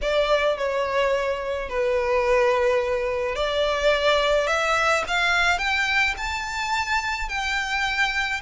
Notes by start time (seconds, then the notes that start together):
0.01 D5
0.57 C#5
1.69 B4
3.35 D5
4.47 E5
5.07 F5
5.58 G5
6.17 A5
7.28 G5